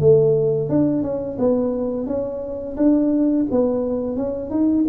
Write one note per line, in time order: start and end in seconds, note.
0.00 0.69 A3
0.69 1.02 D4
1.02 1.37 C#4
1.39 2.06 B3
2.06 2.76 C#4
2.77 3.46 D4
3.51 4.17 B3
4.17 4.50 C#4
4.50 4.85 D#4